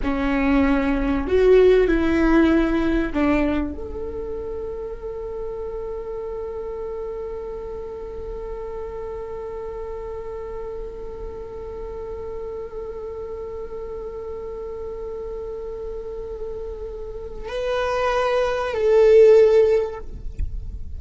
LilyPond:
\new Staff \with { instrumentName = "viola" } { \time 4/4 \tempo 4 = 96 cis'2 fis'4 e'4~ | e'4 d'4 a'2~ | a'1~ | a'1~ |
a'1~ | a'1~ | a'1 | b'2 a'2 | }